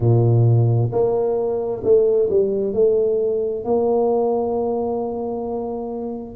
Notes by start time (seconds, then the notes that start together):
0.00 A#2
0.91 A#3
1.83 A3
2.30 G3
2.73 A3
3.64 A#3